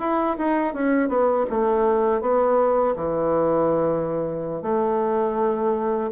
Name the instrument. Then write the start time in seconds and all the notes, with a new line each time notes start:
bassoon
0.00 E4
0.38 D#4
0.74 C#4
1.09 B3
1.50 A3
2.21 B3
2.96 E3
4.63 A3